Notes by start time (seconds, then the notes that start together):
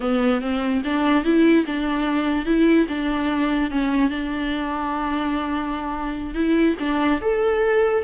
0.00 B3
0.41 C4
0.84 D4
1.24 E4
1.66 D4
2.45 E4
2.88 D4
3.70 C#4
4.09 D4
6.34 E4
6.79 D4
7.21 A4